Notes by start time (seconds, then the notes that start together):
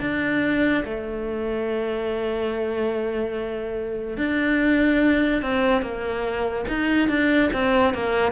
0.00 D4
0.84 A3
4.17 D4
5.42 C4
5.81 A#3
6.68 D#4
7.08 D4
7.52 C4
7.93 A#3